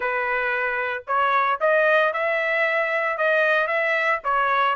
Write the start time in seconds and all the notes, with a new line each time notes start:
0.00 B4
1.07 C#5
1.60 D#5
2.13 E5
3.17 D#5
3.67 E5
4.23 C#5